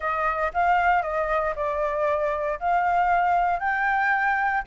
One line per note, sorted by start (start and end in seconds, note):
0.00 0.52 D#5
0.53 1.02 F5
1.02 1.54 D#5
1.55 2.59 D5
2.59 3.59 F5
3.59 4.63 G5